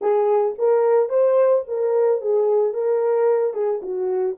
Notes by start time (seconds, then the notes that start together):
0.01 G#4
0.58 A#4
1.09 C5
1.67 A#4
2.21 G#4
2.73 A#4
3.53 G#4
3.82 F#4